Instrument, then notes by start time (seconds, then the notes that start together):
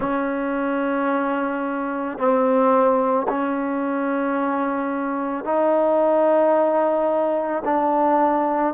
trombone
0.00 C#4
2.18 C4
3.28 C#4
5.44 D#4
7.65 D4